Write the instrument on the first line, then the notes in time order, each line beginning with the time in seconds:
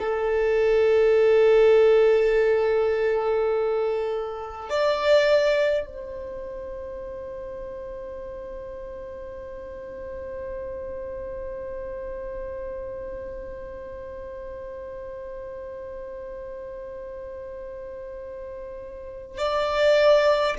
violin
0.00 A4
4.70 D5
5.86 C5
19.38 D5